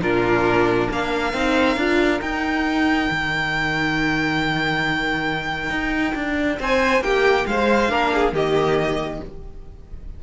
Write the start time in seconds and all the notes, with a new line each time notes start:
0.00 A#2 D4 F4 A#4
0.88 A#3 A#4 F5
1.33 C4 D#4
1.76 D4 F4
2.21 D#4 G5
3.10 D#3
5.70 D#4
6.14 D4
6.59 C4 C5 G#5
7.01 A#3 G4 G5
7.46 G#3 C5 F5
7.89 A#3 D4 A#4
8.14 G#4
8.32 D#3 A#3 G4 D#5